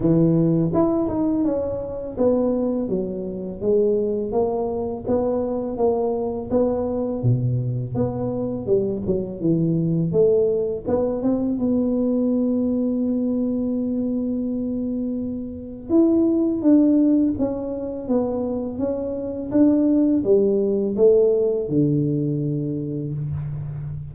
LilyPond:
\new Staff \with { instrumentName = "tuba" } { \time 4/4 \tempo 4 = 83 e4 e'8 dis'8 cis'4 b4 | fis4 gis4 ais4 b4 | ais4 b4 b,4 b4 | g8 fis8 e4 a4 b8 c'8 |
b1~ | b2 e'4 d'4 | cis'4 b4 cis'4 d'4 | g4 a4 d2 | }